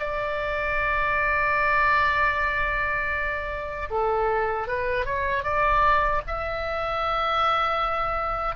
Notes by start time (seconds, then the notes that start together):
0.00 D5
3.91 A4
4.68 B4
5.06 C#5
5.44 D5
6.28 E5